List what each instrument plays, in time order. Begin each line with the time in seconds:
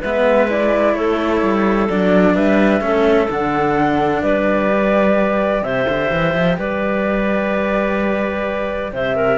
0.00 cello G#3 B3, clarinet B4, flute E5
0.47 cello E4, flute D5
0.94 cello A3, clarinet A4, flute C#5
1.42 cello G3
1.89 cello F#3 D4, flute D5
2.35 cello G3, clarinet B4, flute E5
2.80 cello A3 C#4, clarinet A4
3.30 cello D3 D4, flute F#5
4.22 cello G3, clarinet B4, flute D5
4.69 cello G4
5.62 cello C3, clarinet C5, flute E5
5.89 cello D3
6.11 cello E3
6.34 cello F3
6.57 cello G3, clarinet B4, flute D5
8.92 cello C3, clarinet C5, flute E5
9.16 clarinet A#4